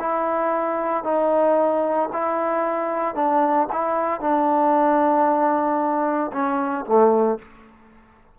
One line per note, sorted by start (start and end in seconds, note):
0.00 1.04 E4
1.04 2.09 D#4
2.13 3.15 E4
3.15 3.68 D4
3.72 4.21 E4
4.21 6.31 D4
6.33 6.86 C#4
6.86 7.39 A3